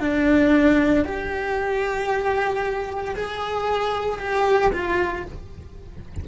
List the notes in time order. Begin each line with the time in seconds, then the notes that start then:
0.00 D4
1.05 G4
3.15 G#4
4.19 G4
4.73 F4